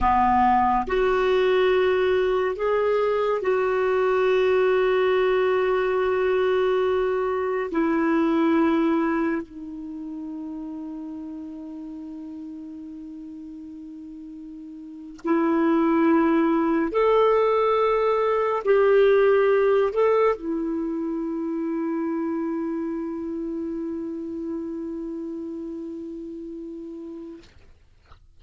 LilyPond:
\new Staff \with { instrumentName = "clarinet" } { \time 4/4 \tempo 4 = 70 b4 fis'2 gis'4 | fis'1~ | fis'4 e'2 dis'4~ | dis'1~ |
dis'4.~ dis'16 e'2 a'16~ | a'4.~ a'16 g'4. a'8 e'16~ | e'1~ | e'1 | }